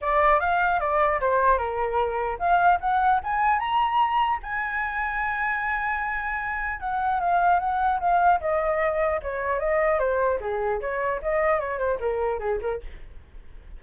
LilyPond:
\new Staff \with { instrumentName = "flute" } { \time 4/4 \tempo 4 = 150 d''4 f''4 d''4 c''4 | ais'2 f''4 fis''4 | gis''4 ais''2 gis''4~ | gis''1~ |
gis''4 fis''4 f''4 fis''4 | f''4 dis''2 cis''4 | dis''4 c''4 gis'4 cis''4 | dis''4 cis''8 c''8 ais'4 gis'8 ais'8 | }